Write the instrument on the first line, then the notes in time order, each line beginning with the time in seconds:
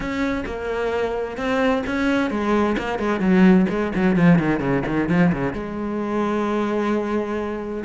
cello
0.00 C#4
0.46 A#3
1.37 C4
1.86 C#4
2.30 G#3
2.78 A#3
2.99 G#3
3.20 F#3
3.69 G#3
3.95 F#3
4.15 F3
4.38 D#3
4.59 C#3
4.86 D#3
5.08 F3
5.32 C#3
5.53 G#3